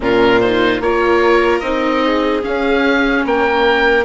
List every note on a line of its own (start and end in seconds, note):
0.00 0.80 A#2
0.00 0.40 C#4
0.00 0.82 F4
0.00 0.40 A#4
0.40 0.82 D#4
0.40 0.80 C5
0.80 1.61 A#3
0.80 1.62 F4
0.80 2.04 A#4
0.80 1.59 C#5
1.59 2.42 C4
1.59 2.42 D#4
1.59 2.40 D#5
2.05 3.25 G#4
2.42 4.04 C#4
2.42 3.24 C#4
2.42 3.25 F5
3.24 4.04 A#3
3.24 4.04 A#4
3.24 4.04 G5